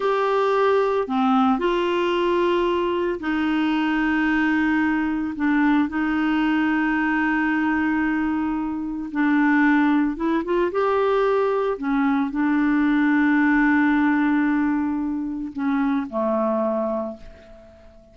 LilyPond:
\new Staff \with { instrumentName = "clarinet" } { \time 4/4 \tempo 4 = 112 g'2 c'4 f'4~ | f'2 dis'2~ | dis'2 d'4 dis'4~ | dis'1~ |
dis'4 d'2 e'8 f'8 | g'2 cis'4 d'4~ | d'1~ | d'4 cis'4 a2 | }